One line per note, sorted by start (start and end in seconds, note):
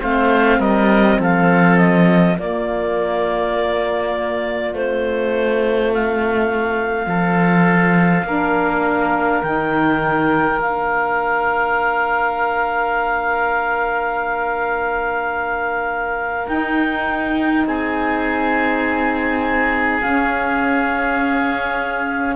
0.00 0.59 A3
0.00 2.35 C4
0.00 0.59 C5
0.00 0.61 F5
0.59 1.18 G3
0.59 1.18 A#4
0.59 1.19 D#5
1.18 2.36 F3
1.18 2.37 A4
1.18 1.78 F5
1.78 2.37 D#5
2.38 4.73 A#3
2.38 4.74 A#3
2.38 7.08 F4
2.38 4.74 D5
4.73 7.06 A3
4.73 8.26 C4
4.73 5.92 C5
5.93 9.42 F5
7.06 8.24 F3
7.06 8.26 A4
8.24 9.42 A#3
8.24 9.43 D4
8.24 17.67 A#4
9.42 10.58 D#3
9.42 10.61 D#4
9.42 10.60 G5
10.58 16.46 A#3
10.58 16.48 D4
10.58 16.47 F5
16.47 20.00 D#4
16.47 17.65 D#4
16.47 17.65 G5
17.66 20.01 C4
17.66 22.36 G#4
17.66 20.01 G#5
20.01 22.36 C#4
20.01 22.36 F5